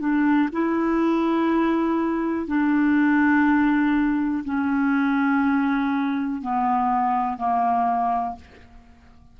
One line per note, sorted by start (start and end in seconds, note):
0.00 0.49 D4
0.53 2.48 E4
2.48 4.44 D4
4.45 6.42 C#4
6.42 7.38 B3
7.38 8.36 A#3